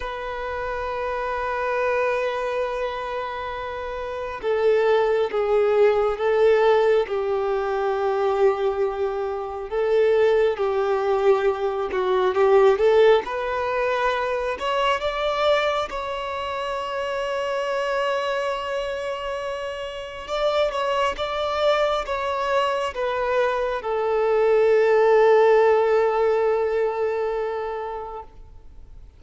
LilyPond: \new Staff \with { instrumentName = "violin" } { \time 4/4 \tempo 4 = 68 b'1~ | b'4 a'4 gis'4 a'4 | g'2. a'4 | g'4. fis'8 g'8 a'8 b'4~ |
b'8 cis''8 d''4 cis''2~ | cis''2. d''8 cis''8 | d''4 cis''4 b'4 a'4~ | a'1 | }